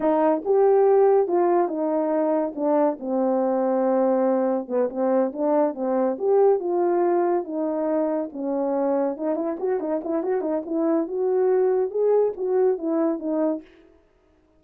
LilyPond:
\new Staff \with { instrumentName = "horn" } { \time 4/4 \tempo 4 = 141 dis'4 g'2 f'4 | dis'2 d'4 c'4~ | c'2. b8 c'8~ | c'8 d'4 c'4 g'4 f'8~ |
f'4. dis'2 cis'8~ | cis'4. dis'8 e'8 fis'8 dis'8 e'8 | fis'8 dis'8 e'4 fis'2 | gis'4 fis'4 e'4 dis'4 | }